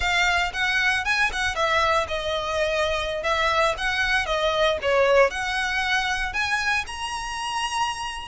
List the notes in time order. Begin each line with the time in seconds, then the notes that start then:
0.00 F5
0.53 F#5
1.04 G#5
1.32 F#5
1.55 E5
2.08 D#5
3.23 E5
3.77 F#5
4.26 D#5
4.82 C#5
5.30 F#5
6.33 G#5
6.87 A#5